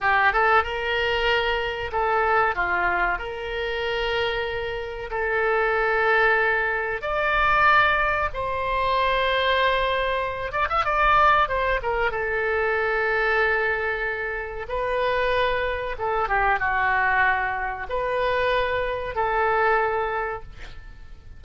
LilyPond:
\new Staff \with { instrumentName = "oboe" } { \time 4/4 \tempo 4 = 94 g'8 a'8 ais'2 a'4 | f'4 ais'2. | a'2. d''4~ | d''4 c''2.~ |
c''8 d''16 e''16 d''4 c''8 ais'8 a'4~ | a'2. b'4~ | b'4 a'8 g'8 fis'2 | b'2 a'2 | }